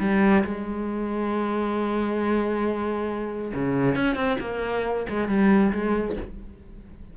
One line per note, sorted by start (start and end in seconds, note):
0.00 0.44 G3
0.44 3.53 G#3
3.55 3.96 C#3
3.96 4.16 C#4
4.16 4.38 C4
4.41 5.07 A#3
5.10 5.28 G#3
5.28 5.73 G3
5.73 6.17 G#3